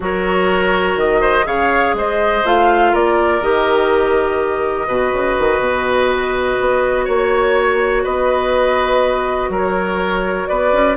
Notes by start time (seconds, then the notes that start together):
0.00 F#3 F#4 A#4 C#5
0.95 D#3 D#5
1.20 C5
1.44 C#3 G#4 C#5 F5
1.93 G#3 C5 D#5
2.44 A3 F4 F5
2.92 A#3 A#4 D5
3.40 D#3 G4 D#5
4.87 B2 F#4 B4
5.12 C#3
5.38 D#3
5.59 B2
6.60 B3
7.04 A#3 C#5
8.03 B3 B4 D#5
9.49 F#3 A#4
9.55 C#5
10.47 B3 B4 D5
10.72 C#4